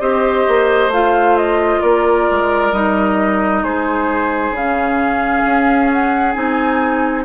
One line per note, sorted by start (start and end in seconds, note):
0.00 0.46 C4
0.00 0.91 G4
0.00 1.82 C5
0.00 0.91 D#5
0.48 0.87 A#3
0.87 1.78 A3
0.87 2.74 F4
0.87 1.37 F5
1.37 1.82 D#5
1.82 2.28 A#3
1.82 3.63 A#4
1.82 2.73 D5
2.31 2.72 G#3
2.72 3.63 G3
2.72 4.55 D#4
2.72 3.64 D#5
3.63 4.51 G#3
3.63 7.24 G#4
3.63 4.55 C5
4.51 5.41 C#3
4.51 6.34 C#4
4.51 5.92 F5
5.45 6.35 C#4
5.93 6.32 F#5
6.32 7.24 C4
6.32 7.24 D#4
6.32 7.23 G#5